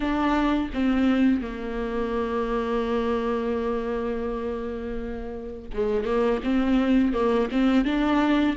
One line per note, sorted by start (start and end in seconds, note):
0.00 0.69 D4
0.73 1.41 C4
1.41 5.70 A#3
5.73 6.04 G#3
6.04 6.40 A#3
6.43 7.13 C4
7.13 7.48 A#3
7.51 7.84 C4
7.84 8.56 D4